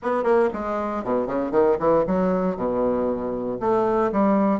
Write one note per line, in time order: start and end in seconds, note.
0.02 0.23 B3
0.23 0.49 A#3
0.53 1.03 G#3
1.03 1.26 B2
1.26 1.51 C#3
1.51 1.77 D#3
1.79 2.04 E3
2.07 2.56 F#3
2.56 3.59 B2
3.60 4.11 A3
4.11 4.59 G3